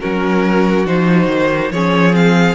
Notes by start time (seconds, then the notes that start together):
0.00 F#3 C#4 F#4 A#4
0.86 F3 D#4 C5
1.27 D#3
1.71 F3 C#4 G#4 C#5
2.13 C4 F5